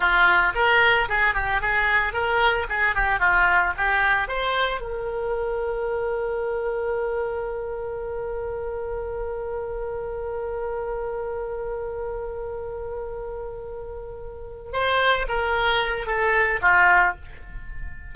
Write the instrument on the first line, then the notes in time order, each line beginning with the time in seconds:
oboe
0.00 F4
0.54 A#4
1.08 G#4
1.34 G4
1.61 G#4
2.13 A#4
2.69 G#4
2.95 G4
3.19 F4
3.77 G4
4.28 C5
4.81 A#4
14.72 C5
15.28 A#4
16.06 A4
16.61 F4